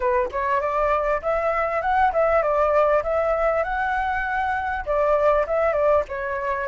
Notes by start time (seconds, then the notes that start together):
0.00 B4
0.31 C#5
0.60 D5
1.22 E5
1.81 F#5
2.12 E5
2.42 D5
3.03 E5
3.63 F#5
4.85 D5
5.46 E5
5.72 D5
6.08 C#5